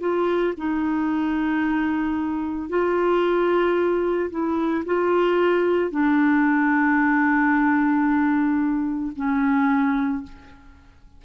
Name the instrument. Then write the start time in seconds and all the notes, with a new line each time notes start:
clarinet
0.00 F4
0.57 D#4
2.69 F4
4.30 E4
4.85 F4
5.91 D4
9.16 C#4